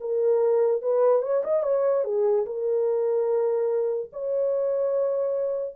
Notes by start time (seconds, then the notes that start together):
0.00 A#4
0.82 B4
1.22 C#5
1.43 D#5
1.63 C#5
2.04 G#4
2.46 A#4
4.12 C#5